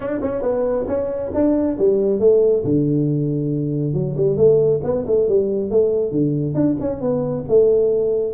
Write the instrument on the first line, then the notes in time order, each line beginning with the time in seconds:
tuba
0.00 D4
0.21 C#4
0.42 B3
0.87 C#4
1.34 D4
1.78 G3
2.19 A3
2.64 D3
3.93 F#3
4.16 G3
4.36 A3
4.83 B3
5.06 A3
5.28 G3
5.70 A3
6.11 D3
6.54 D4
6.80 C#4
7.00 B3
7.48 A3